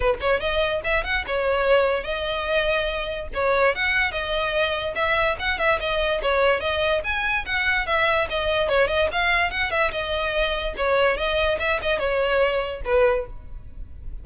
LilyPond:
\new Staff \with { instrumentName = "violin" } { \time 4/4 \tempo 4 = 145 b'8 cis''8 dis''4 e''8 fis''8 cis''4~ | cis''4 dis''2. | cis''4 fis''4 dis''2 | e''4 fis''8 e''8 dis''4 cis''4 |
dis''4 gis''4 fis''4 e''4 | dis''4 cis''8 dis''8 f''4 fis''8 e''8 | dis''2 cis''4 dis''4 | e''8 dis''8 cis''2 b'4 | }